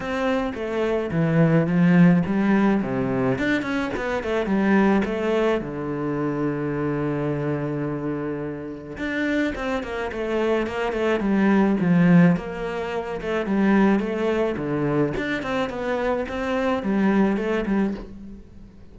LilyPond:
\new Staff \with { instrumentName = "cello" } { \time 4/4 \tempo 4 = 107 c'4 a4 e4 f4 | g4 c4 d'8 cis'8 b8 a8 | g4 a4 d2~ | d1 |
d'4 c'8 ais8 a4 ais8 a8 | g4 f4 ais4. a8 | g4 a4 d4 d'8 c'8 | b4 c'4 g4 a8 g8 | }